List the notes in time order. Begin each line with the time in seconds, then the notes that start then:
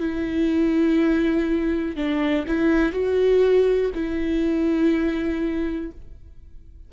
0.00 E4
1.96 D4
2.47 E4
2.92 F#4
3.95 E4